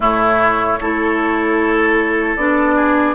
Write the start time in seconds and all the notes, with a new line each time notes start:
0.00 A2 A3 E4 C#5
0.79 A3 E4 A4
2.36 B3 D4 D5
2.75 G#4